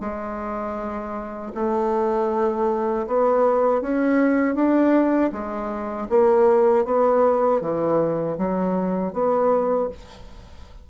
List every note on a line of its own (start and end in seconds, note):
0.00 1.52 G#3
1.54 3.06 A3
3.07 3.81 B3
3.81 4.55 C#4
4.55 5.31 D4
5.32 6.08 G#3
6.09 6.85 A#3
6.85 7.61 B3
7.61 8.36 E3
8.38 9.13 F#3
9.13 9.89 B3